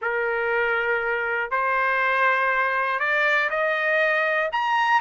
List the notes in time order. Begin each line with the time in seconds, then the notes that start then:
0.01 A#4
1.50 C5
2.99 D5
3.50 D#5
4.52 A#5